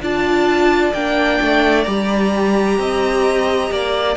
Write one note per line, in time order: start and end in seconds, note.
0.00 0.92 D4
0.00 0.94 F4
0.00 2.79 D5
0.00 0.93 A5
0.93 1.39 A#3
0.93 1.86 D4
0.93 1.83 G5
1.41 1.87 A3
1.83 2.78 G3
1.83 4.16 G4
1.83 4.14 A#5
2.78 3.71 C4
2.78 3.72 D#5
3.71 4.16 A#3
3.71 4.16 D5